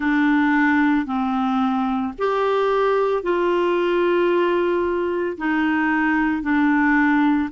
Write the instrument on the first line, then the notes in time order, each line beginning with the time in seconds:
clarinet
0.00 D4
1.06 C4
2.18 G4
3.22 F4
5.37 D#4
6.42 D4